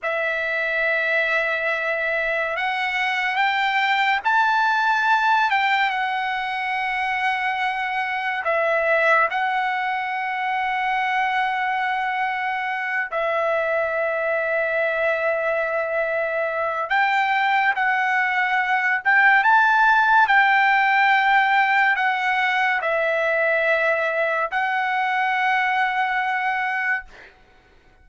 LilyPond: \new Staff \with { instrumentName = "trumpet" } { \time 4/4 \tempo 4 = 71 e''2. fis''4 | g''4 a''4. g''8 fis''4~ | fis''2 e''4 fis''4~ | fis''2.~ fis''8 e''8~ |
e''1 | g''4 fis''4. g''8 a''4 | g''2 fis''4 e''4~ | e''4 fis''2. | }